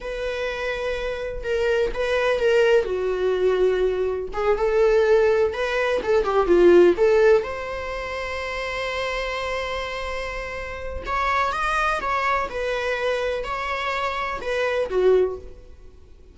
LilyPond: \new Staff \with { instrumentName = "viola" } { \time 4/4 \tempo 4 = 125 b'2. ais'4 | b'4 ais'4 fis'2~ | fis'4 gis'8 a'2 b'8~ | b'8 a'8 g'8 f'4 a'4 c''8~ |
c''1~ | c''2. cis''4 | dis''4 cis''4 b'2 | cis''2 b'4 fis'4 | }